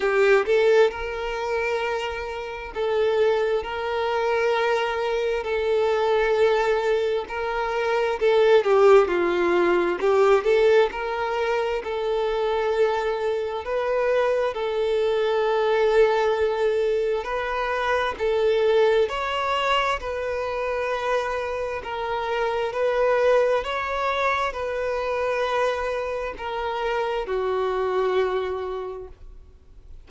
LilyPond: \new Staff \with { instrumentName = "violin" } { \time 4/4 \tempo 4 = 66 g'8 a'8 ais'2 a'4 | ais'2 a'2 | ais'4 a'8 g'8 f'4 g'8 a'8 | ais'4 a'2 b'4 |
a'2. b'4 | a'4 cis''4 b'2 | ais'4 b'4 cis''4 b'4~ | b'4 ais'4 fis'2 | }